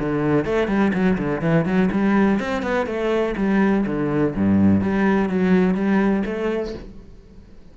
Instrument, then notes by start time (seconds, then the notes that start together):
cello
0.00 D3
0.46 A3
0.68 G3
0.94 F#3
1.18 D3
1.42 E3
1.66 F#3
1.92 G3
2.40 C4
2.63 B3
2.87 A3
3.37 G3
3.87 D3
4.36 G2
4.82 G3
5.30 F#3
5.75 G3
6.26 A3